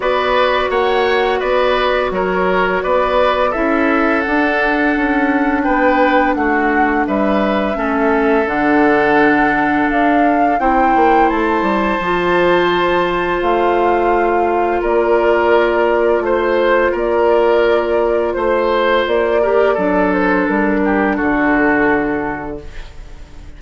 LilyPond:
<<
  \new Staff \with { instrumentName = "flute" } { \time 4/4 \tempo 4 = 85 d''4 fis''4 d''4 cis''4 | d''4 e''4 fis''2 | g''4 fis''4 e''2 | fis''2 f''4 g''4 |
a''2. f''4~ | f''4 d''2 c''4 | d''2 c''4 d''4~ | d''8 c''8 ais'4 a'2 | }
  \new Staff \with { instrumentName = "oboe" } { \time 4/4 b'4 cis''4 b'4 ais'4 | b'4 a'2. | b'4 fis'4 b'4 a'4~ | a'2. c''4~ |
c''1~ | c''4 ais'2 c''4 | ais'2 c''4. ais'8 | a'4. g'8 fis'2 | }
  \new Staff \with { instrumentName = "clarinet" } { \time 4/4 fis'1~ | fis'4 e'4 d'2~ | d'2. cis'4 | d'2. e'4~ |
e'4 f'2.~ | f'1~ | f'2.~ f'8 g'8 | d'1 | }
  \new Staff \with { instrumentName = "bassoon" } { \time 4/4 b4 ais4 b4 fis4 | b4 cis'4 d'4 cis'4 | b4 a4 g4 a4 | d2 d'4 c'8 ais8 |
a8 g8 f2 a4~ | a4 ais2 a4 | ais2 a4 ais4 | fis4 g4 d2 | }
>>